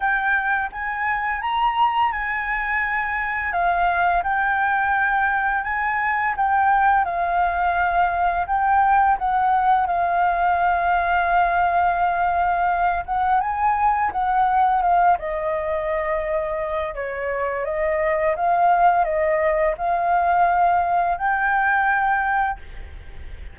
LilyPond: \new Staff \with { instrumentName = "flute" } { \time 4/4 \tempo 4 = 85 g''4 gis''4 ais''4 gis''4~ | gis''4 f''4 g''2 | gis''4 g''4 f''2 | g''4 fis''4 f''2~ |
f''2~ f''8 fis''8 gis''4 | fis''4 f''8 dis''2~ dis''8 | cis''4 dis''4 f''4 dis''4 | f''2 g''2 | }